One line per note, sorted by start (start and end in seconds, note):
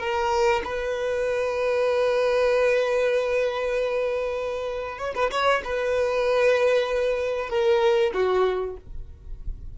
0.00 0.62 A#4
0.64 4.98 B4
4.98 5.14 C#5
5.15 5.31 B4
5.31 5.62 C#5
5.64 7.50 B4
7.50 8.12 A#4
8.14 8.76 F#4